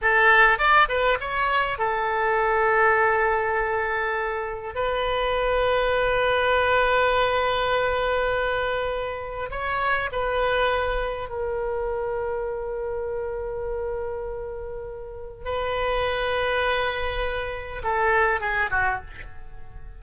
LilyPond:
\new Staff \with { instrumentName = "oboe" } { \time 4/4 \tempo 4 = 101 a'4 d''8 b'8 cis''4 a'4~ | a'1 | b'1~ | b'1 |
cis''4 b'2 ais'4~ | ais'1~ | ais'2 b'2~ | b'2 a'4 gis'8 fis'8 | }